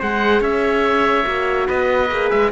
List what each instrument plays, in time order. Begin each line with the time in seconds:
0.00 cello G#3, horn G#4, trumpet C5, oboe F#5
0.41 cello C#4, trumpet C#5, oboe E5
1.26 cello A#3, horn F#4
1.67 cello B3, trumpet B4, oboe D#5
2.11 cello A#3, horn G#4
2.31 cello G#3, oboe E5